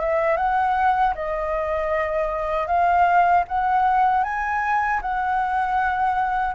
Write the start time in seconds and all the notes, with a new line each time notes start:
0.00 E5
0.37 F#5
1.15 D#5
2.67 F5
3.48 F#5
4.24 G#5
5.02 F#5